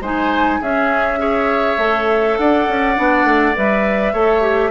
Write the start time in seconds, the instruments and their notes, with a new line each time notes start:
0.00 bassoon G#3, clarinet D#4, oboe C5, flute G#5
0.60 bassoon C#4, clarinet C#4, oboe G#4, flute E5
1.18 clarinet G#4, oboe C#5
1.77 bassoon A3, clarinet A4
2.38 bassoon D4, oboe D5, flute F#5
2.68 bassoon C#4
2.95 bassoon B3, clarinet D4
3.24 bassoon A3
3.55 bassoon G3, clarinet B4, flute E5
4.13 bassoon A3, clarinet A4, oboe C#5
4.41 clarinet G4